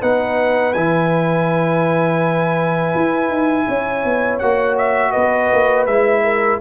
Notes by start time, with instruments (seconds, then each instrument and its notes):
0.00 tuba B3, trombone D#4, horn B4, trumpet F#5
0.73 tuba E3, trombone E4, trumpet G#5
2.94 tuba E4
3.29 tuba D#4
3.68 tuba C#4, horn C#5
4.04 tuba B3
4.39 tuba A#3, trombone F#4, trumpet F#5
4.78 trumpet E5
5.11 tuba B3, horn B4, trumpet D#5
5.52 tuba A#3
5.86 tuba G#3, trombone E4, trumpet E5
6.23 horn A#4